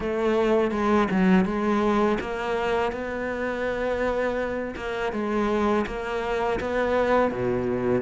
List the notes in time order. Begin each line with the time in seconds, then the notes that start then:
0.00 A3
0.71 G#3
1.10 F#3
1.45 G#3
2.20 A#3
2.91 B3
4.76 A#3
5.12 G#3
5.86 A#3
6.60 B3
7.31 B2